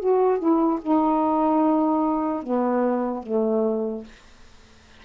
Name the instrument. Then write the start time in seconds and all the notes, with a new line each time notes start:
saxophone
0.00 F#4
0.39 E4
0.82 D#4
2.43 B3
3.23 A3